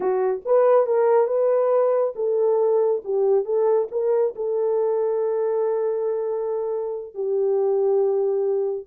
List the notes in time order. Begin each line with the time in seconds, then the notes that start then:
0.00 F#4
0.45 B4
0.86 A#4
1.27 B4
2.15 A4
3.04 G4
3.44 A4
3.91 A#4
4.35 A4
7.14 G4